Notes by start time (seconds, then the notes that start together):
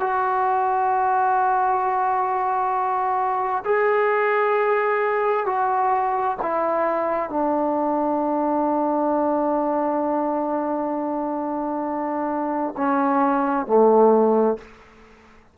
0.00 F#4
3.64 G#4
5.46 F#4
6.42 E4
7.29 D4
12.77 C#4
13.67 A3